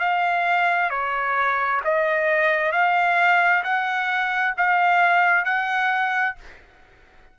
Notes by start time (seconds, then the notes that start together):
0.00 F5
0.90 C#5
1.85 D#5
2.73 F5
3.64 F#5
4.58 F5
5.45 F#5